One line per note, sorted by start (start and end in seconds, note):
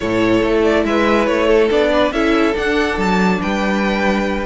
0.00 0.42 A2
0.00 1.69 E4
0.00 0.85 A4
0.00 0.60 C#5
0.42 0.84 A3
0.63 0.84 D5
0.84 1.27 G#3
0.84 1.47 B4
0.84 1.26 E5
1.26 1.70 A3
1.26 1.68 C#5
1.47 1.89 A4
1.69 2.11 B3
1.69 2.12 D4
1.69 2.12 D5
1.93 2.13 B4
2.11 2.54 C#4
2.11 2.54 E4
2.11 3.40 A4
2.11 2.55 E5
2.54 4.46 D4
2.54 2.97 D4
2.54 2.99 F#5
2.97 3.40 F#3
2.97 3.41 A5
3.41 4.46 G3
3.41 4.46 B4
3.41 4.46 G5